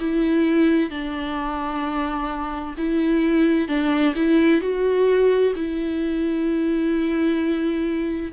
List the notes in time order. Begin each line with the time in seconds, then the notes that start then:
0.00 E4
0.91 D4
2.78 E4
3.68 D4
4.16 E4
4.61 F#4
5.56 E4